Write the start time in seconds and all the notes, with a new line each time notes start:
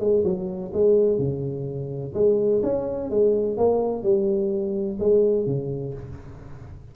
0.00 G#3
0.24 F#3
0.74 G#3
1.18 C#3
2.15 G#3
2.63 C#4
3.11 G#3
3.58 A#3
4.03 G3
5.00 G#3
5.47 C#3